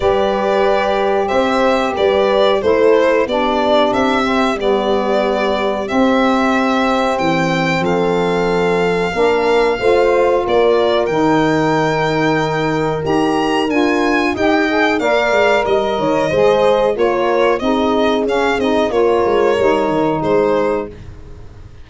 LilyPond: <<
  \new Staff \with { instrumentName = "violin" } { \time 4/4 \tempo 4 = 92 d''2 e''4 d''4 | c''4 d''4 e''4 d''4~ | d''4 e''2 g''4 | f''1 |
d''4 g''2. | ais''4 gis''4 g''4 f''4 | dis''2 cis''4 dis''4 | f''8 dis''8 cis''2 c''4 | }
  \new Staff \with { instrumentName = "horn" } { \time 4/4 b'2 c''4 b'4 | a'4 g'2.~ | g'1 | a'2 ais'4 c''4 |
ais'1~ | ais'2 dis''4 d''4 | dis''8 cis''8 c''4 ais'4 gis'4~ | gis'4 ais'2 gis'4 | }
  \new Staff \with { instrumentName = "saxophone" } { \time 4/4 g'1 | e'4 d'4. c'8 b4~ | b4 c'2.~ | c'2 d'4 f'4~ |
f'4 dis'2. | g'4 f'4 g'8 gis'8 ais'4~ | ais'4 gis'4 f'4 dis'4 | cis'8 dis'8 f'4 dis'2 | }
  \new Staff \with { instrumentName = "tuba" } { \time 4/4 g2 c'4 g4 | a4 b4 c'4 g4~ | g4 c'2 e4 | f2 ais4 a4 |
ais4 dis2. | dis'4 d'4 dis'4 ais8 gis8 | g8 dis8 gis4 ais4 c'4 | cis'8 c'8 ais8 gis8 g8 dis8 gis4 | }
>>